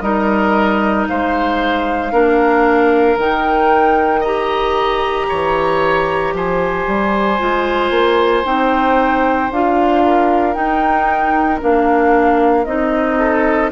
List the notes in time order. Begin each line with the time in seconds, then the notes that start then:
0.00 G3 D#4 A#4 D#5
1.08 G#3 C5 F5
2.12 A#3 D4 A#4
3.16 D#3 D#4 G5
4.20 G4 D#5 A#5
5.28 E3 C#5
6.33 F3 C5 G#5
6.87 G3
7.39 G#3 F4
7.90 A#3
8.44 C4 D#4 G5
9.50 D4 F4 F5
10.03 A#4
10.54 D#4 G5
11.60 A#3 D4 F5
12.64 C4 D#4 D#5
13.18 A4